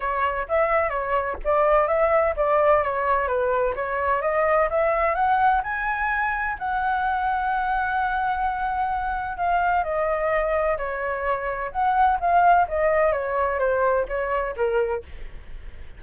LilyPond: \new Staff \with { instrumentName = "flute" } { \time 4/4 \tempo 4 = 128 cis''4 e''4 cis''4 d''4 | e''4 d''4 cis''4 b'4 | cis''4 dis''4 e''4 fis''4 | gis''2 fis''2~ |
fis''1 | f''4 dis''2 cis''4~ | cis''4 fis''4 f''4 dis''4 | cis''4 c''4 cis''4 ais'4 | }